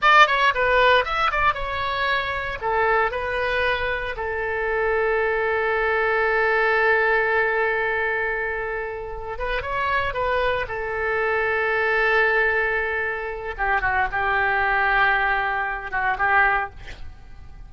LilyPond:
\new Staff \with { instrumentName = "oboe" } { \time 4/4 \tempo 4 = 115 d''8 cis''8 b'4 e''8 d''8 cis''4~ | cis''4 a'4 b'2 | a'1~ | a'1~ |
a'2 b'8 cis''4 b'8~ | b'8 a'2.~ a'8~ | a'2 g'8 fis'8 g'4~ | g'2~ g'8 fis'8 g'4 | }